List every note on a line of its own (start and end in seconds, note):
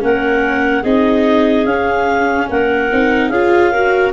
0.00 0.84 A#3
0.00 0.82 C#4
0.00 0.82 A#4
0.00 0.84 F#5
0.82 1.65 C4
0.82 1.66 D#4
0.82 2.47 G#4
0.82 1.66 D#5
1.65 2.47 C#4
1.65 2.89 C#4
1.65 2.48 F5
2.50 2.91 A#3
2.50 3.30 A#4
2.50 3.29 F#5
2.92 3.29 C4
2.92 3.33 D#4
3.29 4.11 C#4
3.29 3.74 F4
3.29 3.71 G#4
3.29 4.11 F5
3.71 4.13 F#4
3.71 4.12 A#4